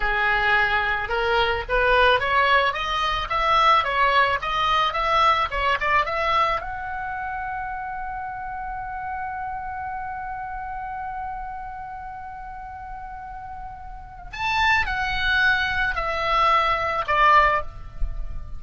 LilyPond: \new Staff \with { instrumentName = "oboe" } { \time 4/4 \tempo 4 = 109 gis'2 ais'4 b'4 | cis''4 dis''4 e''4 cis''4 | dis''4 e''4 cis''8 d''8 e''4 | fis''1~ |
fis''1~ | fis''1~ | fis''2 a''4 fis''4~ | fis''4 e''2 d''4 | }